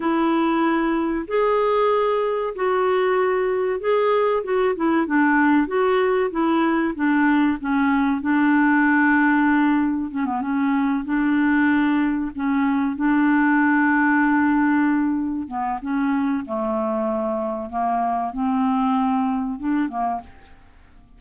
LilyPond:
\new Staff \with { instrumentName = "clarinet" } { \time 4/4 \tempo 4 = 95 e'2 gis'2 | fis'2 gis'4 fis'8 e'8 | d'4 fis'4 e'4 d'4 | cis'4 d'2. |
cis'16 b16 cis'4 d'2 cis'8~ | cis'8 d'2.~ d'8~ | d'8 b8 cis'4 a2 | ais4 c'2 d'8 ais8 | }